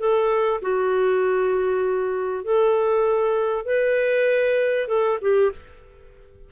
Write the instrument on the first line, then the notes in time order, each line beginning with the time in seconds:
clarinet
0.00 A4
0.62 F#4
2.45 A4
3.66 B4
4.88 A4
5.22 G4